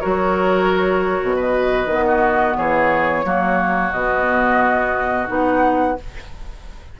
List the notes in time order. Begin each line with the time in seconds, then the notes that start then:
0.00 F#3 F#4 A#4 C#5
1.22 B2
1.36 B4 D#5
1.86 D#3 B3
2.07 F#4
2.56 E3 G#4 C#5
3.24 F#3 A#3 F#4
3.92 B2 B3 D#5
5.27 B3 D#4 F#5